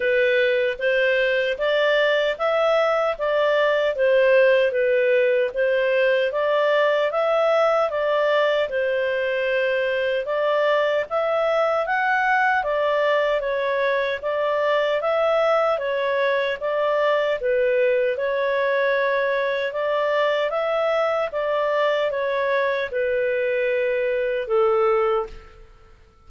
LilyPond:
\new Staff \with { instrumentName = "clarinet" } { \time 4/4 \tempo 4 = 76 b'4 c''4 d''4 e''4 | d''4 c''4 b'4 c''4 | d''4 e''4 d''4 c''4~ | c''4 d''4 e''4 fis''4 |
d''4 cis''4 d''4 e''4 | cis''4 d''4 b'4 cis''4~ | cis''4 d''4 e''4 d''4 | cis''4 b'2 a'4 | }